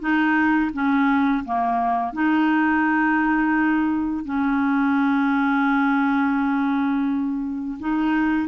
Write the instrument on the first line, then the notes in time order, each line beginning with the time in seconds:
clarinet
0.00 D#4
0.73 C#4
1.45 A#3
2.13 D#4
4.25 C#4
7.80 D#4